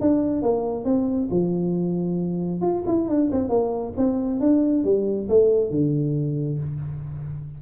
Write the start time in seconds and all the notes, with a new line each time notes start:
0.00 D4
0.42 A#3
0.84 C4
1.30 F3
2.61 F4
2.86 E4
3.08 D4
3.31 C4
3.49 A#3
3.97 C4
4.40 D4
4.84 G3
5.28 A3
5.70 D3